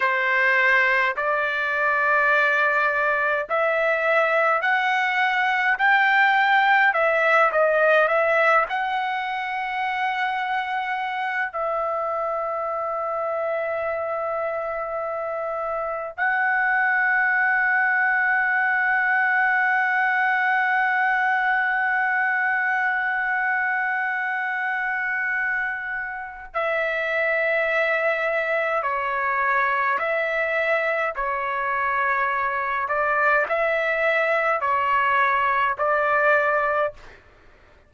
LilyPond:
\new Staff \with { instrumentName = "trumpet" } { \time 4/4 \tempo 4 = 52 c''4 d''2 e''4 | fis''4 g''4 e''8 dis''8 e''8 fis''8~ | fis''2 e''2~ | e''2 fis''2~ |
fis''1~ | fis''2. e''4~ | e''4 cis''4 e''4 cis''4~ | cis''8 d''8 e''4 cis''4 d''4 | }